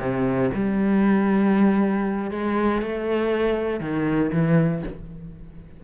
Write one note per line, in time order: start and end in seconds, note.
0.00 0.51 C3
0.55 2.31 G3
2.31 2.82 G#3
2.82 3.80 A3
3.80 4.31 D#3
4.33 4.84 E3